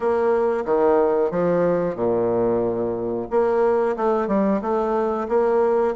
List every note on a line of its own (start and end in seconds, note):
0.00 0.64 A#3
0.65 1.30 D#3
1.30 1.95 F3
1.95 3.27 A#2
3.30 3.96 A#3
3.96 4.27 A3
4.27 4.60 G3
4.61 5.27 A3
5.28 5.94 A#3